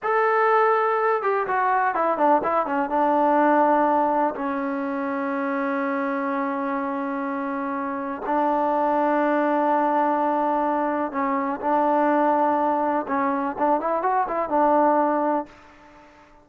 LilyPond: \new Staff \with { instrumentName = "trombone" } { \time 4/4 \tempo 4 = 124 a'2~ a'8 g'8 fis'4 | e'8 d'8 e'8 cis'8 d'2~ | d'4 cis'2.~ | cis'1~ |
cis'4 d'2.~ | d'2. cis'4 | d'2. cis'4 | d'8 e'8 fis'8 e'8 d'2 | }